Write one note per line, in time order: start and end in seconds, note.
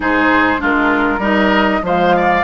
0.00 0.61 G#2
0.00 0.58 D#4
0.00 0.60 G#4
0.00 0.62 C5
0.58 1.18 G#3
0.58 1.19 D4
0.58 1.20 F4
0.58 1.23 A#4
1.18 1.79 G3
1.18 1.82 D#4
1.18 1.81 A#4
1.18 1.84 D#5
1.82 2.43 F3
1.82 2.44 G#3
1.82 2.15 C5
1.82 2.44 F5
2.15 2.44 D5